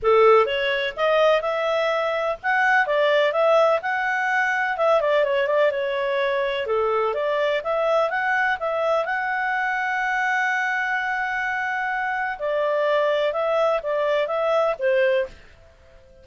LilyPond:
\new Staff \with { instrumentName = "clarinet" } { \time 4/4 \tempo 4 = 126 a'4 cis''4 dis''4 e''4~ | e''4 fis''4 d''4 e''4 | fis''2 e''8 d''8 cis''8 d''8 | cis''2 a'4 d''4 |
e''4 fis''4 e''4 fis''4~ | fis''1~ | fis''2 d''2 | e''4 d''4 e''4 c''4 | }